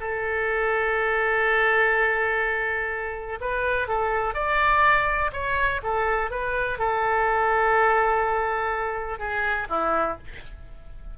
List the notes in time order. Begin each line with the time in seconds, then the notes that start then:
0.00 A4
3.41 B4
3.88 A4
4.34 D5
5.32 C#5
5.83 A4
6.30 B4
6.79 A4
9.19 G#4
9.69 E4